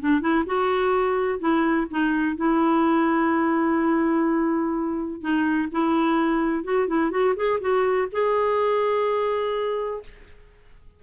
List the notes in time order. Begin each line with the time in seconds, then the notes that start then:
0.00 D4
0.21 E4
0.46 F#4
1.39 E4
1.90 D#4
2.37 E4
5.21 D#4
5.72 E4
6.65 F#4
6.88 E4
7.11 F#4
7.36 G#4
7.61 F#4
8.13 G#4